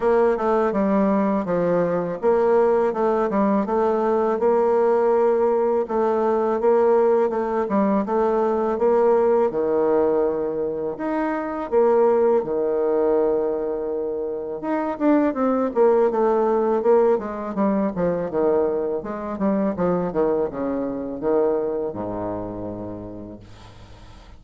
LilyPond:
\new Staff \with { instrumentName = "bassoon" } { \time 4/4 \tempo 4 = 82 ais8 a8 g4 f4 ais4 | a8 g8 a4 ais2 | a4 ais4 a8 g8 a4 | ais4 dis2 dis'4 |
ais4 dis2. | dis'8 d'8 c'8 ais8 a4 ais8 gis8 | g8 f8 dis4 gis8 g8 f8 dis8 | cis4 dis4 gis,2 | }